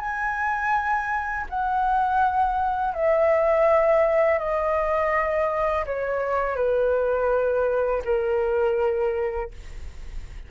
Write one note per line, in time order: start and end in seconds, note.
0.00 1.46 G#5
1.50 2.95 F#5
2.95 4.39 E5
4.39 5.85 D#5
5.86 6.56 C#5
6.56 8.03 B4
8.05 9.51 A#4